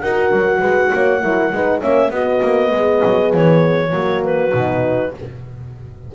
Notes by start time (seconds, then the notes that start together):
0.00 D#4 F#4 A#4 F#5
0.32 F#3
0.61 G#3 B4
0.94 A#3 C#5
1.23 F#3 E4 A#4
1.53 G#3 D#4 B4
1.81 A#3 C#4 C#5 E5
2.11 B3 F#4 D#5
2.43 A#3
2.72 G#3 G#4
3.05 F#3
3.34 E3 C#5
3.91 F#3 A#3 F#4
4.25 B4
4.53 B2 D#4